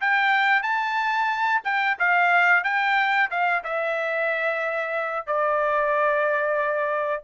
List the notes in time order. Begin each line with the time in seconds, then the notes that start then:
0.00 G5
0.62 A5
1.64 G5
1.99 F5
2.63 G5
3.30 F5
3.64 E5
5.26 D5